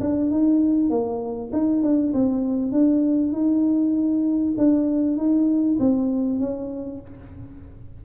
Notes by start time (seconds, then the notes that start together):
0.00 D4
0.31 D#4
0.90 A#3
1.53 D#4
1.83 D4
2.13 C4
2.72 D4
3.32 D#4
4.58 D4
5.17 D#4
5.79 C4
6.40 C#4